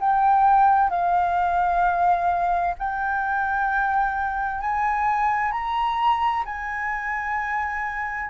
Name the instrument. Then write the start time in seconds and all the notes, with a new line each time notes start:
flute
0.00 G5
0.90 F5
2.79 G5
4.61 G#5
5.52 A#5
6.45 G#5